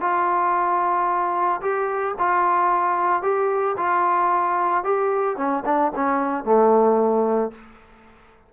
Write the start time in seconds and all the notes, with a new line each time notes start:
0.00 F4
1.61 G4
2.19 F4
3.22 G4
3.77 F4
4.84 G4
5.37 C#4
5.65 D4
5.95 C#4
6.44 A3